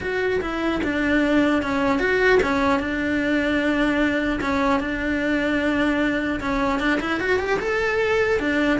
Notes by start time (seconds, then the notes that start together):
0.01 F#4
0.41 E4
0.83 D4
1.62 C#4
1.99 F#4
2.43 C#4
2.79 D4
4.40 C#4
4.79 D4
6.40 C#4
6.79 D4
7.00 E4
7.19 F#4
7.39 G4
7.59 A4
8.39 D4